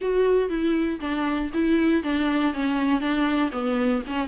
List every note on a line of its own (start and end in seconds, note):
0.01 0.49 F#4
0.49 0.99 E4
1.00 1.50 D4
1.53 2.03 E4
2.03 2.53 D4
2.53 3.00 C#4
3.00 3.50 D4
3.52 4.02 B3
4.06 4.28 C#4